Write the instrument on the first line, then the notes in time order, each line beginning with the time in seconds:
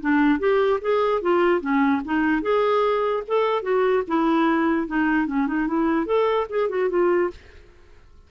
clarinet
0.00 D4
0.39 G4
0.81 G#4
1.21 F4
1.61 C#4
2.05 D#4
2.42 G#4
3.27 A4
3.62 F#4
4.07 E4
4.87 D#4
5.27 C#4
5.47 D#4
5.67 E4
6.06 A4
6.50 G#4
6.69 F#4
6.90 F4